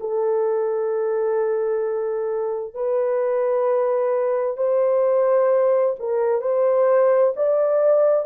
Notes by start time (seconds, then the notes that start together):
0.00 A4
2.74 B4
4.57 C5
5.99 A#4
6.41 C5
7.36 D5